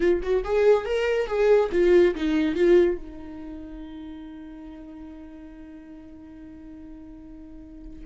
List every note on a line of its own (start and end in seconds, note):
0.00 0.21 F4
0.22 0.43 F#4
0.44 0.85 G#4
0.85 1.27 A#4
1.27 1.69 G#4
1.72 2.14 F4
2.15 2.55 D#4
2.55 2.97 F4
2.97 8.05 D#4